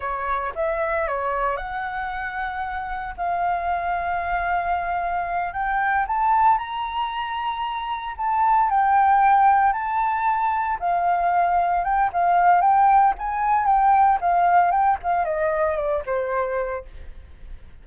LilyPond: \new Staff \with { instrumentName = "flute" } { \time 4/4 \tempo 4 = 114 cis''4 e''4 cis''4 fis''4~ | fis''2 f''2~ | f''2~ f''8 g''4 a''8~ | a''8 ais''2. a''8~ |
a''8 g''2 a''4.~ | a''8 f''2 g''8 f''4 | g''4 gis''4 g''4 f''4 | g''8 f''8 dis''4 d''8 c''4. | }